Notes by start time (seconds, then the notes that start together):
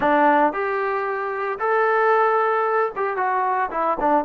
0.00 D4
0.52 G4
1.59 A4
2.96 G4
3.16 F#4
3.70 E4
4.00 D4